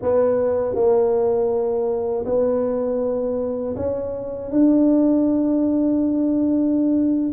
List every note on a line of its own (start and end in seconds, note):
0.01 0.74 B3
0.74 2.24 A#3
2.25 3.75 B3
3.76 4.51 C#4
4.51 7.32 D4